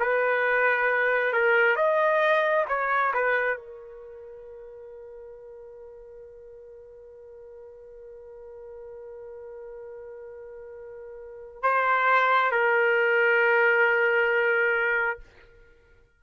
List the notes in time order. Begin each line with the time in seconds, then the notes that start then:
0.00 B4
1.33 A#4
1.76 D#5
2.68 C#5
3.14 B4
3.57 A#4
11.63 C5
12.51 A#4